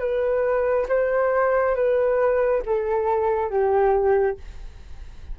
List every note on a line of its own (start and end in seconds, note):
0.00 0.87 B4
0.89 1.75 C5
1.75 2.62 B4
2.66 3.51 A4
3.51 4.38 G4